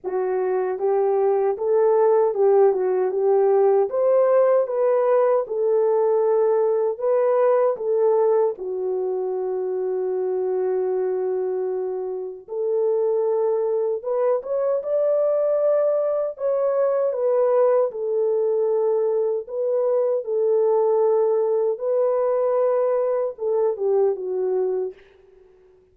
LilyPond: \new Staff \with { instrumentName = "horn" } { \time 4/4 \tempo 4 = 77 fis'4 g'4 a'4 g'8 fis'8 | g'4 c''4 b'4 a'4~ | a'4 b'4 a'4 fis'4~ | fis'1 |
a'2 b'8 cis''8 d''4~ | d''4 cis''4 b'4 a'4~ | a'4 b'4 a'2 | b'2 a'8 g'8 fis'4 | }